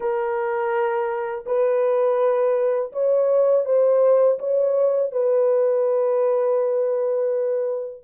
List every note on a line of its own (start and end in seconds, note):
0.00 1.44 A#4
1.45 2.92 B4
2.92 3.65 C#5
3.65 4.38 C5
4.38 5.11 C#5
5.11 8.03 B4